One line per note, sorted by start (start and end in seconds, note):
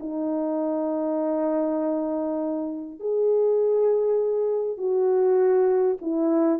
0.00 3.00 D#4
3.00 4.78 G#4
4.78 5.98 F#4
6.02 6.60 E4